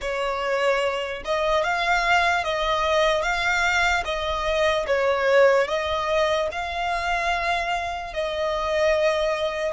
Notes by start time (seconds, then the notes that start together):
0.01 C#5
1.25 D#5
1.63 F5
2.43 D#5
3.22 F5
4.04 D#5
4.86 C#5
5.67 D#5
6.51 F5
8.13 D#5